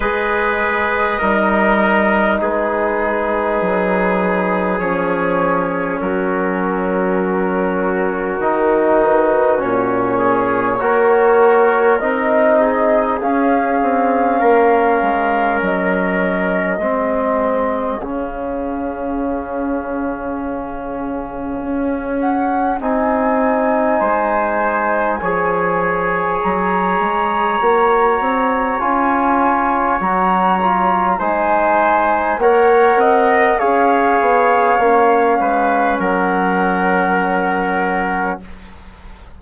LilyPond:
<<
  \new Staff \with { instrumentName = "flute" } { \time 4/4 \tempo 4 = 50 dis''2 b'2 | cis''4 ais'2~ ais'8 b'8 | cis''2 dis''4 f''4~ | f''4 dis''2 f''4~ |
f''2~ f''8 fis''8 gis''4~ | gis''2 ais''2 | gis''4 ais''4 gis''4 fis''4 | f''2 fis''2 | }
  \new Staff \with { instrumentName = "trumpet" } { \time 4/4 b'4 ais'4 gis'2~ | gis'4 fis'2.~ | fis'8 gis'8 ais'4. gis'4. | ais'2 gis'2~ |
gis'1 | c''4 cis''2.~ | cis''2 c''4 cis''8 dis''8 | cis''4. b'8 ais'2 | }
  \new Staff \with { instrumentName = "trombone" } { \time 4/4 gis'4 dis'2. | cis'2. dis'4 | cis'4 fis'4 dis'4 cis'4~ | cis'2 c'4 cis'4~ |
cis'2. dis'4~ | dis'4 gis'2 fis'4 | f'4 fis'8 f'8 dis'4 ais'4 | gis'4 cis'2. | }
  \new Staff \with { instrumentName = "bassoon" } { \time 4/4 gis4 g4 gis4 fis4 | f4 fis2 dis4 | ais,4 ais4 c'4 cis'8 c'8 | ais8 gis8 fis4 gis4 cis4~ |
cis2 cis'4 c'4 | gis4 f4 fis8 gis8 ais8 c'8 | cis'4 fis4 gis4 ais8 c'8 | cis'8 b8 ais8 gis8 fis2 | }
>>